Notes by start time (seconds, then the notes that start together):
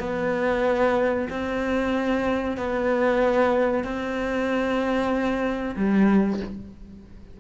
0.00 B3
1.30 C4
2.57 B3
3.84 C4
5.76 G3